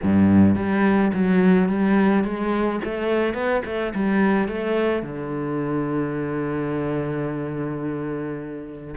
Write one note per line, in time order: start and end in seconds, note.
0.03 0.55 G2
0.55 1.11 G3
1.13 1.68 F#3
1.68 2.24 G3
2.24 2.80 G#3
2.84 3.34 A3
3.34 3.62 B3
3.65 3.93 A3
3.94 4.47 G3
4.47 5.02 A3
5.02 8.94 D3